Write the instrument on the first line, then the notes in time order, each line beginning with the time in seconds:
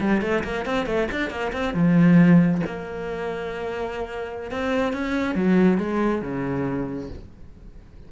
cello
0.00 G3
0.21 A3
0.44 A#3
0.65 C4
0.86 A3
1.11 D4
1.30 A#3
1.52 C4
1.73 F3
2.66 A#3
4.50 C4
4.93 C#4
5.35 F#3
5.78 G#3
6.21 C#3